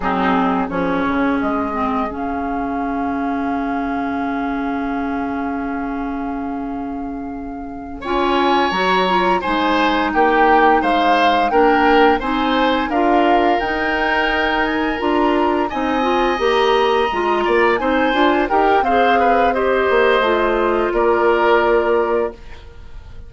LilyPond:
<<
  \new Staff \with { instrumentName = "flute" } { \time 4/4 \tempo 4 = 86 gis'4 cis''4 dis''4 f''4~ | f''1~ | f''2.~ f''8 gis''8~ | gis''8 ais''4 gis''4 g''4 f''8~ |
f''8 g''4 gis''4 f''4 g''8~ | g''4 gis''8 ais''4 gis''4 ais''8~ | ais''4. gis''4 g''8 f''4 | dis''2 d''2 | }
  \new Staff \with { instrumentName = "oboe" } { \time 4/4 dis'4 gis'2.~ | gis'1~ | gis'2.~ gis'8 cis''8~ | cis''4. c''4 g'4 c''8~ |
c''8 ais'4 c''4 ais'4.~ | ais'2~ ais'8 dis''4.~ | dis''4 d''8 c''4 ais'8 c''8 b'8 | c''2 ais'2 | }
  \new Staff \with { instrumentName = "clarinet" } { \time 4/4 c'4 cis'4. c'8 cis'4~ | cis'1~ | cis'2.~ cis'8 f'8~ | f'8 fis'8 f'8 dis'2~ dis'8~ |
dis'8 d'4 dis'4 f'4 dis'8~ | dis'4. f'4 dis'8 f'8 g'8~ | g'8 f'4 dis'8 f'8 g'8 gis'4 | g'4 f'2. | }
  \new Staff \with { instrumentName = "bassoon" } { \time 4/4 fis4 f8 cis8 gis4 cis4~ | cis1~ | cis2.~ cis8 cis'8~ | cis'8 fis4 gis4 ais4 gis8~ |
gis8 ais4 c'4 d'4 dis'8~ | dis'4. d'4 c'4 ais8~ | ais8 gis8 ais8 c'8 d'8 dis'8 c'4~ | c'8 ais8 a4 ais2 | }
>>